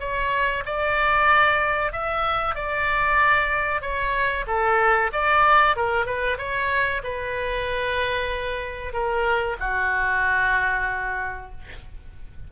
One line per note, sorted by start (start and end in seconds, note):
0.00 0.64 C#5
0.66 1.93 D5
1.93 2.55 E5
2.55 3.82 D5
3.82 4.45 C#5
4.47 5.11 A4
5.13 5.76 D5
5.76 6.06 A#4
6.06 6.38 B4
6.38 7.02 C#5
7.04 8.93 B4
8.93 9.57 A#4
9.60 11.52 F#4